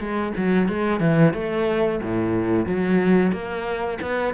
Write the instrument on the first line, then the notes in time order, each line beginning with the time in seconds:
cello
0.00 G#3
0.38 F#3
0.69 G#3
1.01 E3
1.34 A3
2.03 A2
2.67 F#3
3.32 A#3
4.02 B3